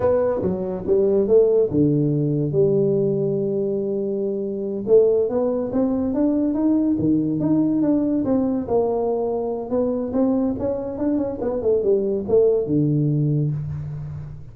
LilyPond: \new Staff \with { instrumentName = "tuba" } { \time 4/4 \tempo 4 = 142 b4 fis4 g4 a4 | d2 g2~ | g2.~ g8 a8~ | a8 b4 c'4 d'4 dis'8~ |
dis'8 dis4 dis'4 d'4 c'8~ | c'8 ais2~ ais8 b4 | c'4 cis'4 d'8 cis'8 b8 a8 | g4 a4 d2 | }